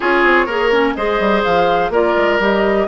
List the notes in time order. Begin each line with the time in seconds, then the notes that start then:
0.00 C#4 F4 G#4 C#5
0.23 C4
0.46 A#3 G#4 A#4
0.71 C#4
0.94 G#3 G#4 C5 D#5
1.19 G3
1.43 F3 F5
1.89 A#3 F4 A#4 D5
2.16 G#3
2.39 G3 G4 D#5